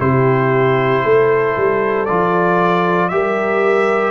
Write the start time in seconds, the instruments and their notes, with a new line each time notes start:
0.00 tuba C3, trombone E4, horn G4, trumpet C5
1.03 tuba A3, horn A4
1.57 tuba G3
2.06 tuba F3, trombone F4, trumpet D5
3.09 tuba G3, trombone G4, horn A#4, trumpet E5